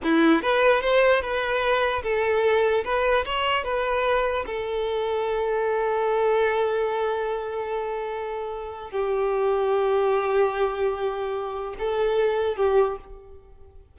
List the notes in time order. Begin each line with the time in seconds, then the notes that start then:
0.03 E4
0.42 B4
0.81 C5
1.21 B4
2.03 A4
2.84 B4
3.25 C#5
3.64 B4
4.46 A4
8.90 G4
11.78 A4
12.56 G4